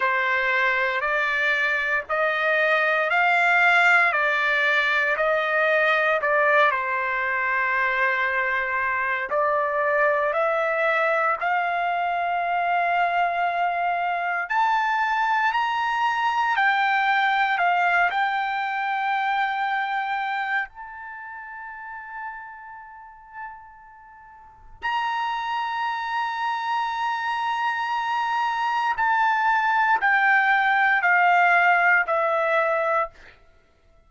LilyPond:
\new Staff \with { instrumentName = "trumpet" } { \time 4/4 \tempo 4 = 58 c''4 d''4 dis''4 f''4 | d''4 dis''4 d''8 c''4.~ | c''4 d''4 e''4 f''4~ | f''2 a''4 ais''4 |
g''4 f''8 g''2~ g''8 | a''1 | ais''1 | a''4 g''4 f''4 e''4 | }